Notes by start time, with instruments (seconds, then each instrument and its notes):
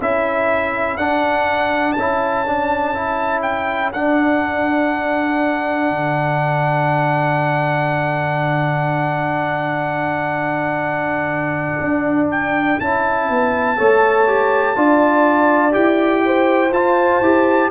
0.00 tuba C#4, trombone E4, horn A4, trumpet E5
0.97 tuba D4, trombone D4, trumpet F#5
1.92 tuba C#4, trumpet A5
1.99 trombone E4
2.46 trombone D4
2.94 trombone E4
3.42 trumpet G5
3.92 tuba D4, trombone D4, trumpet F#5
5.90 tuba D3
11.79 tuba D4
12.31 trumpet G5
12.79 tuba C#4, trombone E4, trumpet A5
13.29 tuba B3
13.76 tuba A3, trombone A4, horn C#5
14.27 trombone G4
14.76 tuba D4, trombone F4, horn D5
15.71 tuba E4, trombone G4, trumpet G5
16.25 horn C5
16.71 tuba F4, trombone F4, trumpet A5
17.20 tuba E4, trombone G4